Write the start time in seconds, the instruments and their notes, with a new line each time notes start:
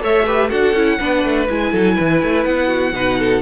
0.00 cello A3, viola A4, violin C#5 E5
0.25 viola G4, violin B4
0.49 cello D4, viola F#4, violin A4 F#5
0.73 cello C#4, viola E4
0.99 cello B3, viola D4, violin B4
1.24 cello A3
1.48 cello G#3, viola E4, violin G#5
1.71 cello F#3, violin A4
1.94 cello E3, violin B4
2.22 cello A3
2.44 cello B3, violin F#5
2.67 violin F#4
2.92 cello B2, viola D#4, violin B4
3.19 violin A4